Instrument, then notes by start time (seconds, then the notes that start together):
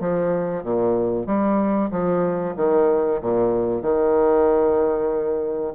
bassoon
0.00 F3
0.64 A#2
1.26 G3
1.91 F3
2.57 D#3
3.21 A#2
3.82 D#3